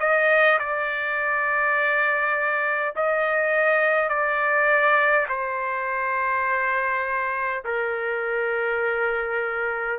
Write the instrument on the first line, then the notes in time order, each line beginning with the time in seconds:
trumpet
0.00 D#5
0.59 D5
2.96 D#5
4.09 D5
5.28 C5
7.65 A#4